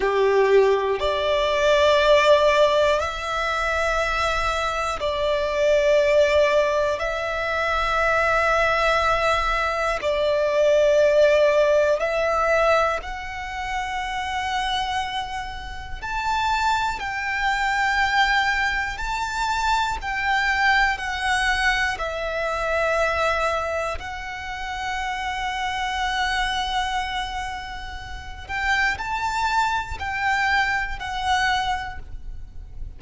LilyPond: \new Staff \with { instrumentName = "violin" } { \time 4/4 \tempo 4 = 60 g'4 d''2 e''4~ | e''4 d''2 e''4~ | e''2 d''2 | e''4 fis''2. |
a''4 g''2 a''4 | g''4 fis''4 e''2 | fis''1~ | fis''8 g''8 a''4 g''4 fis''4 | }